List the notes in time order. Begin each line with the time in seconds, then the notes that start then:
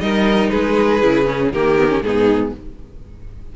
0.00 G3 D#4 A#4 D#5
0.49 G#3 G#4 B4
1.02 C#3 E4
1.25 C#4
1.52 D#3 A#3 G4 A#4
1.79 B3
1.89 C#4
2.01 G#2 B3 D#4 G#4